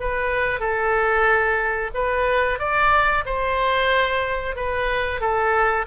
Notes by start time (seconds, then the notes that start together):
0.00 B4
0.60 A4
1.94 B4
2.59 D5
3.25 C5
4.55 B4
5.20 A4